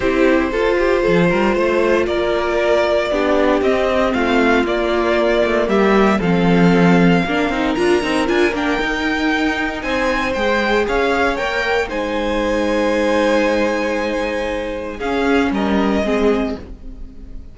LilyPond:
<<
  \new Staff \with { instrumentName = "violin" } { \time 4/4 \tempo 4 = 116 c''1 | d''2. dis''4 | f''4 d''2 e''4 | f''2. ais''4 |
gis''8 g''2~ g''8 gis''4 | g''4 f''4 g''4 gis''4~ | gis''1~ | gis''4 f''4 dis''2 | }
  \new Staff \with { instrumentName = "violin" } { \time 4/4 g'4 a'8 g'8 a'8 ais'8 c''4 | ais'2 g'2 | f'2. g'4 | a'2 ais'2~ |
ais'2. c''4~ | c''4 cis''2 c''4~ | c''1~ | c''4 gis'4 ais'4 gis'4 | }
  \new Staff \with { instrumentName = "viola" } { \time 4/4 e'4 f'2.~ | f'2 d'4 c'4~ | c'4 ais2. | c'2 d'8 dis'8 f'8 dis'8 |
f'8 d'8 dis'2. | gis'2 ais'4 dis'4~ | dis'1~ | dis'4 cis'2 c'4 | }
  \new Staff \with { instrumentName = "cello" } { \time 4/4 c'4 f'4 f8 g8 a4 | ais2 b4 c'4 | a4 ais4. a8 g4 | f2 ais8 c'8 d'8 c'8 |
d'8 ais8 dis'2 c'4 | gis4 cis'4 ais4 gis4~ | gis1~ | gis4 cis'4 g4 gis4 | }
>>